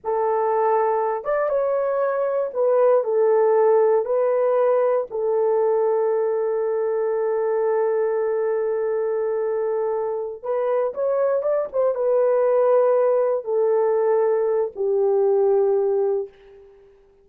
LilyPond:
\new Staff \with { instrumentName = "horn" } { \time 4/4 \tempo 4 = 118 a'2~ a'8 d''8 cis''4~ | cis''4 b'4 a'2 | b'2 a'2~ | a'1~ |
a'1~ | a'8 b'4 cis''4 d''8 c''8 b'8~ | b'2~ b'8 a'4.~ | a'4 g'2. | }